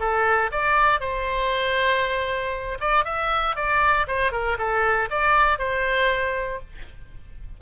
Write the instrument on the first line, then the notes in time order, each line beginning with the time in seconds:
oboe
0.00 A4
0.52 D5
1.00 C5
2.80 D5
3.05 E5
3.56 D5
4.07 C5
4.32 A#4
4.58 A4
5.10 D5
5.59 C5